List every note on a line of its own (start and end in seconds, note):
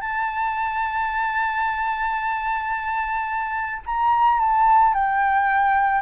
0.00 3.82 A5
3.86 4.40 A#5
4.40 4.94 A5
4.94 6.01 G5